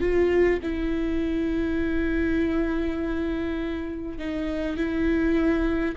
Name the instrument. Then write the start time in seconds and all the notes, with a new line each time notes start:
viola
0.00 F4
0.62 E4
4.18 D#4
4.77 E4